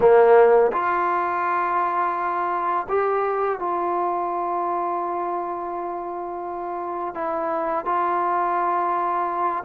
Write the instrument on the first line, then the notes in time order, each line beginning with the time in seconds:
trombone
0.00 A#3
0.72 F4
2.88 G4
3.59 F4
7.14 E4
7.85 F4